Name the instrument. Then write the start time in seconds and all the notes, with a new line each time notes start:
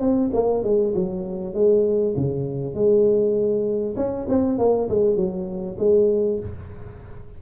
tuba
0.00 C4
0.33 A#3
0.63 G#3
0.94 F#3
1.54 G#3
2.16 C#3
2.74 G#3
3.96 C#4
4.29 C4
4.58 A#3
4.89 G#3
5.16 F#3
5.78 G#3